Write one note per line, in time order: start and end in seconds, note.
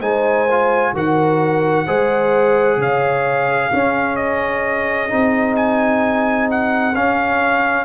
0.00 0.93 G#3
0.00 0.48 D#4
0.00 0.92 C5
0.00 0.93 G#5
0.50 0.95 F4
0.93 1.85 D#3
0.93 1.87 F#4
0.93 1.86 A#4
0.93 2.81 F#5
1.86 2.77 G#3
1.86 3.71 G#4
1.86 2.78 C5
2.77 3.69 C#3
2.77 3.70 C#5
2.77 4.16 F5
3.70 5.09 C#4
3.70 5.12 C#4
3.70 7.84 G#4
4.16 5.54 D#5
5.09 6.95 C4
5.09 6.93 D#4
5.56 6.48 G#5
6.51 6.95 F#5
6.95 7.84 C#4
6.95 7.84 F5